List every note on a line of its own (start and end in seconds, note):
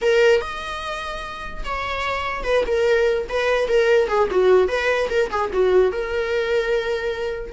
0.01 0.41 A#4
0.41 1.63 D#5
1.64 2.43 C#5
2.43 2.64 B4
2.66 3.27 A#4
3.29 3.68 B4
3.68 4.08 A#4
4.08 4.28 G#4
4.31 4.68 F#4
4.68 5.09 B4
5.09 5.30 A#4
5.30 5.51 G#4
5.53 5.92 F#4
5.92 7.53 A#4